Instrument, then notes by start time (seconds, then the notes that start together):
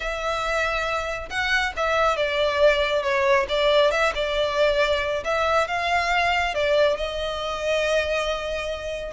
violin
0.00 E5
1.29 F#5
1.76 E5
2.16 D5
3.02 C#5
3.48 D5
3.91 E5
4.15 D5
5.24 E5
5.67 F5
6.54 D5
6.96 D#5